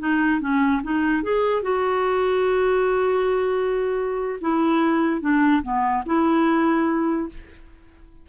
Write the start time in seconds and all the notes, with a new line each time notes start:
0.00 D#4
0.41 C#4
0.83 D#4
1.23 G#4
1.63 F#4
4.41 E4
5.22 D4
5.63 B3
6.06 E4